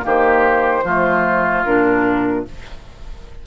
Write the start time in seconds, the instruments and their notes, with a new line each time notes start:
0.00 bassoon D#3, clarinet A#3, oboe G4
0.07 flute C5
0.84 bassoon F3, clarinet A3, oboe F4
1.64 bassoon A#2, clarinet D4, flute A#4